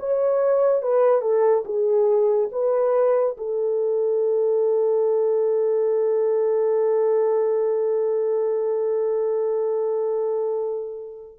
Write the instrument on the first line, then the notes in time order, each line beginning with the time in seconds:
horn
0.00 C#5
0.83 B4
1.22 A4
1.66 G#4
2.52 B4
3.38 A4